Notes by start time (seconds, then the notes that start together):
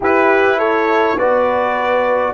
0.00 E4 G4 B4
0.58 A4 C#5
1.15 B3 F#4 B4 D5